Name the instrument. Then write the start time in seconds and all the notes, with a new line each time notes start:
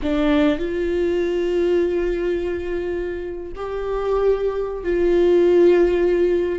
viola
0.02 D4
0.59 F4
3.55 G4
4.83 F4